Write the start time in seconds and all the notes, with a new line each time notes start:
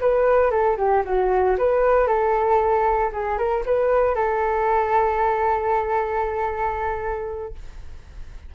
0.00 B4
0.51 A4
0.77 G4
1.04 F#4
1.57 B4
2.07 A4
3.12 G#4
3.38 A#4
3.65 B4
4.15 A4